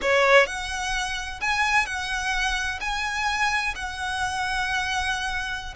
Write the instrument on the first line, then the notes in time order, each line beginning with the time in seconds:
violin
0.01 C#5
0.46 F#5
1.40 G#5
1.86 F#5
2.80 G#5
3.75 F#5